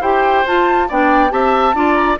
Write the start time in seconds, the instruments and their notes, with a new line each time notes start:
0.00 bassoon E4, clarinet G4, oboe C5, flute G5
0.46 clarinet F4, bassoon F4, flute A5
0.88 bassoon B3, clarinet D4, oboe D5, flute G5
1.30 bassoon C4, clarinet G4, oboe E5, flute A5
1.74 bassoon D4, clarinet F4, oboe D5
1.95 flute A#5